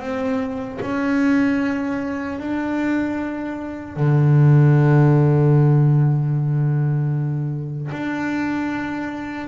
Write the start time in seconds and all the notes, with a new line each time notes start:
0.00 C4
0.81 C#4
2.39 D4
3.96 D3
7.92 D4